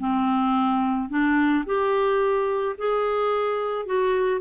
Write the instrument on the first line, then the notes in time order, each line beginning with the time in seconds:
clarinet
0.00 C4
1.10 D4
1.66 G4
2.78 G#4
3.86 F#4